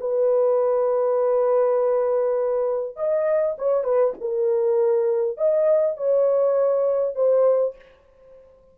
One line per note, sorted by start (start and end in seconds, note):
0.00 2.96 B4
2.96 3.56 D#5
3.58 3.83 C#5
3.83 4.13 B4
4.20 5.37 A#4
5.37 5.97 D#5
5.97 7.15 C#5
7.15 7.75 C5